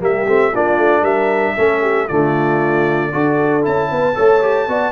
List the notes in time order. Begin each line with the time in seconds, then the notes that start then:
0.00 G3 A#3 G4 E5
0.27 A3 C4
0.53 A#3 D4 F4 D5
0.78 A3
1.02 G3 A#4 E5
1.57 A3 C#4 A4
1.81 G4
2.08 D3 A3 F4 D5
3.12 D4 F#4 A4
3.62 C#4 E4 A5
3.91 B3 B4
4.15 A3 A4 C#5
4.42 G4
4.68 B3 F#4 D5